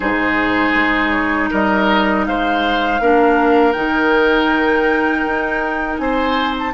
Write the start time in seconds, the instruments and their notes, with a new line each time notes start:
0.00 bassoon G#2, clarinet D#4, oboe G#4, flute C5
0.74 bassoon G#3
1.10 flute C#5
1.50 bassoon G3, oboe A#4, flute D#5
2.26 bassoon G#3, oboe C5, flute F5
3.00 bassoon A#3, clarinet D4, oboe A#4
3.72 bassoon D#3, clarinet D#4, flute G5
5.25 bassoon D#4
5.98 bassoon C4, oboe C5, flute G#5
6.58 flute A5